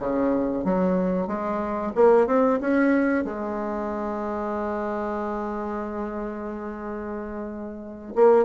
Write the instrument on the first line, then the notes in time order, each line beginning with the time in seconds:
bassoon
0.00 C#3
0.65 F#3
1.28 G#3
1.96 A#3
2.27 C4
2.61 C#4
3.25 G#3
8.16 A#3